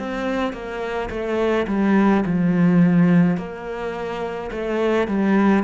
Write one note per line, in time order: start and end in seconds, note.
0.00 0.53 C4
0.53 1.10 A#3
1.11 1.67 A3
1.68 2.24 G3
2.26 3.38 F3
3.38 4.51 A#3
4.52 5.08 A3
5.08 5.64 G3